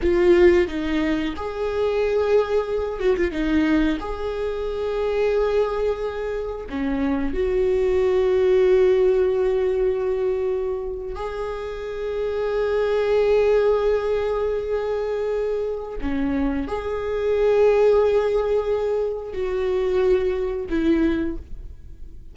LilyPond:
\new Staff \with { instrumentName = "viola" } { \time 4/4 \tempo 4 = 90 f'4 dis'4 gis'2~ | gis'8 fis'16 f'16 dis'4 gis'2~ | gis'2 cis'4 fis'4~ | fis'1~ |
fis'8. gis'2.~ gis'16~ | gis'1 | cis'4 gis'2.~ | gis'4 fis'2 e'4 | }